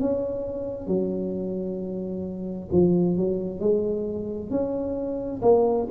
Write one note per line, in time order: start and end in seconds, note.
0.00 0.87 C#4
0.87 2.69 F#3
2.71 3.17 F3
3.17 3.60 F#3
3.60 4.50 G#3
4.50 5.41 C#4
5.42 5.88 A#3